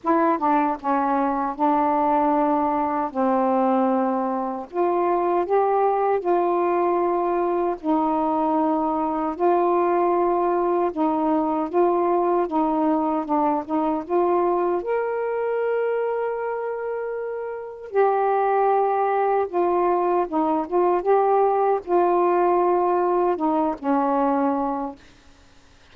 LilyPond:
\new Staff \with { instrumentName = "saxophone" } { \time 4/4 \tempo 4 = 77 e'8 d'8 cis'4 d'2 | c'2 f'4 g'4 | f'2 dis'2 | f'2 dis'4 f'4 |
dis'4 d'8 dis'8 f'4 ais'4~ | ais'2. g'4~ | g'4 f'4 dis'8 f'8 g'4 | f'2 dis'8 cis'4. | }